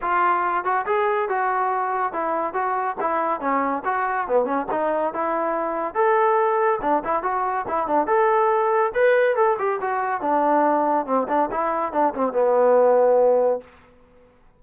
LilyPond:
\new Staff \with { instrumentName = "trombone" } { \time 4/4 \tempo 4 = 141 f'4. fis'8 gis'4 fis'4~ | fis'4 e'4 fis'4 e'4 | cis'4 fis'4 b8 cis'8 dis'4 | e'2 a'2 |
d'8 e'8 fis'4 e'8 d'8 a'4~ | a'4 b'4 a'8 g'8 fis'4 | d'2 c'8 d'8 e'4 | d'8 c'8 b2. | }